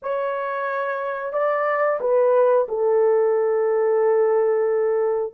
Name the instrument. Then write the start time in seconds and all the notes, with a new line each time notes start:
horn
0.02 C#5
1.32 D5
2.00 B4
2.68 A4